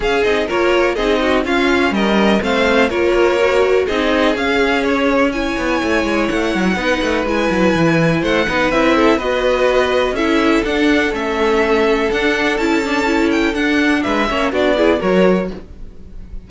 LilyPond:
<<
  \new Staff \with { instrumentName = "violin" } { \time 4/4 \tempo 4 = 124 f''8 dis''8 cis''4 dis''4 f''4 | dis''4 f''4 cis''2 | dis''4 f''4 cis''4 gis''4~ | gis''4 fis''2 gis''4~ |
gis''4 fis''4 e''4 dis''4~ | dis''4 e''4 fis''4 e''4~ | e''4 fis''4 a''4. g''8 | fis''4 e''4 d''4 cis''4 | }
  \new Staff \with { instrumentName = "violin" } { \time 4/4 gis'4 ais'4 gis'8 fis'8 f'4 | ais'4 c''4 ais'2 | gis'2. cis''4~ | cis''2 b'2~ |
b'4 c''8 b'4 a'8 b'4~ | b'4 a'2.~ | a'1~ | a'4 b'8 cis''8 fis'8 gis'8 ais'4 | }
  \new Staff \with { instrumentName = "viola" } { \time 4/4 cis'8 dis'8 f'4 dis'4 cis'4~ | cis'4 c'4 f'4 fis'4 | dis'4 cis'2 e'4~ | e'2 dis'4 e'4~ |
e'4. dis'8 e'4 fis'4~ | fis'4 e'4 d'4 cis'4~ | cis'4 d'4 e'8 d'8 e'4 | d'4. cis'8 d'8 e'8 fis'4 | }
  \new Staff \with { instrumentName = "cello" } { \time 4/4 cis'8 c'8 ais4 c'4 cis'4 | g4 a4 ais2 | c'4 cis'2~ cis'8 b8 | a8 gis8 a8 fis8 b8 a8 gis8 fis8 |
e4 a8 b8 c'4 b4~ | b4 cis'4 d'4 a4~ | a4 d'4 cis'2 | d'4 gis8 ais8 b4 fis4 | }
>>